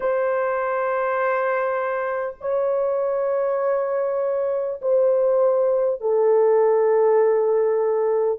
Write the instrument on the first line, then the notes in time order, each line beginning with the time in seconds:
horn
0.00 C5
2.41 C#5
4.81 C5
6.00 A4